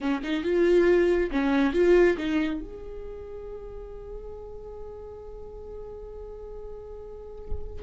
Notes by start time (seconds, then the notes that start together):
0.00 C#4
0.23 D#4
0.43 F4
1.31 C#4
1.73 F4
2.17 D#4
2.60 G#4